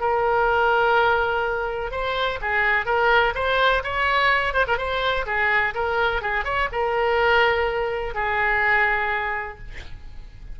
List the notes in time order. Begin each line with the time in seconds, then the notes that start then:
0.00 A#4
1.91 C5
2.41 G#4
2.85 A#4
3.34 C5
3.84 C#5
4.54 C5
4.67 A#4
4.77 C5
5.26 G#4
5.74 A#4
6.21 G#4
6.44 C#5
6.72 A#4
8.14 G#4